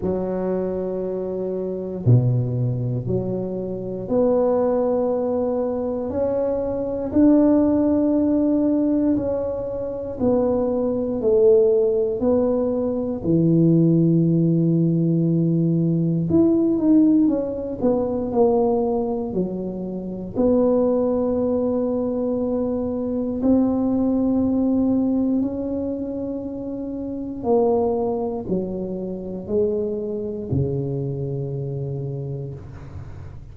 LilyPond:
\new Staff \with { instrumentName = "tuba" } { \time 4/4 \tempo 4 = 59 fis2 b,4 fis4 | b2 cis'4 d'4~ | d'4 cis'4 b4 a4 | b4 e2. |
e'8 dis'8 cis'8 b8 ais4 fis4 | b2. c'4~ | c'4 cis'2 ais4 | fis4 gis4 cis2 | }